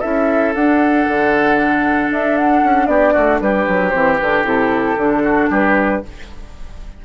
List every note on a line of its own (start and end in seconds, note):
0.00 0.55 C#4
0.00 0.54 E4
0.00 2.87 A4
0.00 0.53 E5
0.54 1.07 D4
0.54 3.93 D4
0.54 2.11 F#5
1.08 2.10 D3
2.10 2.62 D4
2.10 2.37 E5
2.37 2.87 F#5
2.64 2.87 C#4
2.87 3.13 B3
2.87 3.13 G4
2.87 3.39 D5
3.13 3.40 A3
3.13 3.39 F#4
3.40 3.66 G3
3.40 5.23 G4
3.40 3.89 B4
3.67 3.94 F#3
3.89 4.21 E3
3.89 4.19 C4
3.89 4.15 C5
4.18 4.44 D3
4.18 4.44 D4
4.18 4.45 B4
4.44 4.96 C3
4.44 4.96 E4
4.44 5.51 A4
4.97 5.49 D3
4.97 6.04 D4
5.23 5.49 F#4
5.50 6.02 G3
5.50 6.02 G4
5.50 6.05 B4